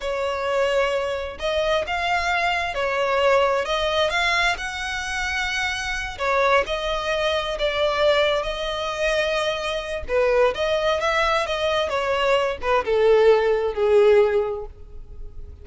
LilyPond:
\new Staff \with { instrumentName = "violin" } { \time 4/4 \tempo 4 = 131 cis''2. dis''4 | f''2 cis''2 | dis''4 f''4 fis''2~ | fis''4. cis''4 dis''4.~ |
dis''8 d''2 dis''4.~ | dis''2 b'4 dis''4 | e''4 dis''4 cis''4. b'8 | a'2 gis'2 | }